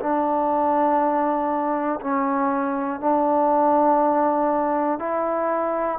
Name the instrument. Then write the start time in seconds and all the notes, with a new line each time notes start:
trombone
0.00 D4
2.00 C#4
3.00 D4
4.99 E4